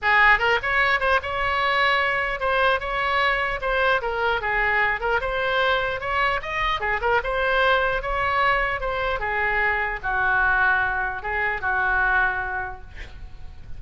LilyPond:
\new Staff \with { instrumentName = "oboe" } { \time 4/4 \tempo 4 = 150 gis'4 ais'8 cis''4 c''8 cis''4~ | cis''2 c''4 cis''4~ | cis''4 c''4 ais'4 gis'4~ | gis'8 ais'8 c''2 cis''4 |
dis''4 gis'8 ais'8 c''2 | cis''2 c''4 gis'4~ | gis'4 fis'2. | gis'4 fis'2. | }